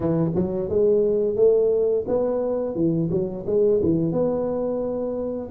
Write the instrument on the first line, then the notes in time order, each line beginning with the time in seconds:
tuba
0.00 E3
0.34 F#3
0.69 G#3
1.36 A3
2.07 B3
2.75 E3
3.10 F#3
3.46 G#3
3.82 E3
4.12 B3